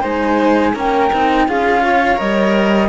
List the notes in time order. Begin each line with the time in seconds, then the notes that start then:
0.00 G#3 D#4 C5 G#5
0.73 A#3 C#4 A#4 G5
1.12 C4 D#4
1.47 C#4 F4 G#4 F5
1.83 C#5
2.15 G3 A#4 D#5